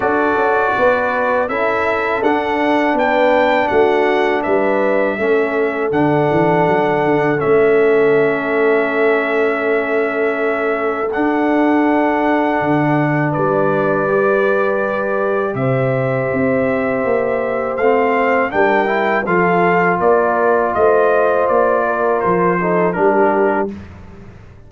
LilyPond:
<<
  \new Staff \with { instrumentName = "trumpet" } { \time 4/4 \tempo 4 = 81 d''2 e''4 fis''4 | g''4 fis''4 e''2 | fis''2 e''2~ | e''2. fis''4~ |
fis''2 d''2~ | d''4 e''2. | f''4 g''4 f''4 d''4 | dis''4 d''4 c''4 ais'4 | }
  \new Staff \with { instrumentName = "horn" } { \time 4/4 a'4 b'4 a'2 | b'4 fis'4 b'4 a'4~ | a'1~ | a'1~ |
a'2 b'2~ | b'4 c''2.~ | c''4 ais'4 a'4 ais'4 | c''4. ais'4 a'8 g'4 | }
  \new Staff \with { instrumentName = "trombone" } { \time 4/4 fis'2 e'4 d'4~ | d'2. cis'4 | d'2 cis'2~ | cis'2. d'4~ |
d'2. g'4~ | g'1 | c'4 d'8 e'8 f'2~ | f'2~ f'8 dis'8 d'4 | }
  \new Staff \with { instrumentName = "tuba" } { \time 4/4 d'8 cis'8 b4 cis'4 d'4 | b4 a4 g4 a4 | d8 e8 fis8 d8 a2~ | a2. d'4~ |
d'4 d4 g2~ | g4 c4 c'4 ais4 | a4 g4 f4 ais4 | a4 ais4 f4 g4 | }
>>